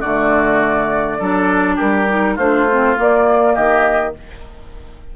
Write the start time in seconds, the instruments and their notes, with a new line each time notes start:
0.00 bassoon D3, clarinet A3, oboe F#4, flute D5
1.19 bassoon F#3, clarinet D4, oboe A4
1.75 bassoon G3, oboe G4, flute A#4
2.08 clarinet D#4
2.35 bassoon A3, clarinet D4, oboe F4, flute C5
2.69 clarinet C4
2.96 clarinet A#3, bassoon A#3, flute D5
3.54 bassoon D#3, oboe G4, flute D#5